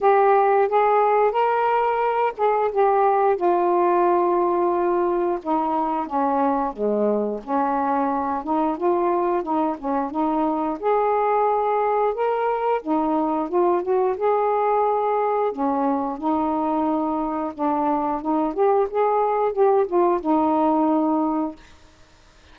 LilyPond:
\new Staff \with { instrumentName = "saxophone" } { \time 4/4 \tempo 4 = 89 g'4 gis'4 ais'4. gis'8 | g'4 f'2. | dis'4 cis'4 gis4 cis'4~ | cis'8 dis'8 f'4 dis'8 cis'8 dis'4 |
gis'2 ais'4 dis'4 | f'8 fis'8 gis'2 cis'4 | dis'2 d'4 dis'8 g'8 | gis'4 g'8 f'8 dis'2 | }